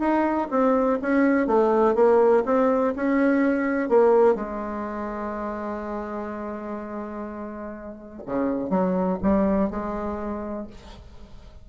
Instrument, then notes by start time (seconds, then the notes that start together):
bassoon
0.00 D#4
0.51 C4
1.02 C#4
1.48 A3
1.96 A#3
2.46 C4
2.96 C#4
3.89 A#3
4.35 G#3
8.26 C#3
8.70 F#3
9.23 G3
9.71 G#3